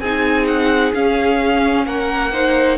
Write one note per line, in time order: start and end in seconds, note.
0.00 0.92 C4
0.00 0.94 D#4
0.00 1.85 G#4
0.00 0.47 G#5
0.47 0.93 F#5
0.94 2.33 C#4
0.94 1.87 C#4
0.94 1.86 F5
1.86 2.79 A#3
1.86 2.32 A#4
1.86 2.78 F#5
2.32 2.79 D#4
2.32 2.79 C5